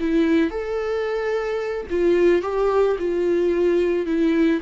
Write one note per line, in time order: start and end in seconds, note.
0.00 0.50 E4
0.50 1.87 A4
1.90 2.42 F4
2.42 2.97 G4
2.99 4.06 F4
4.06 4.60 E4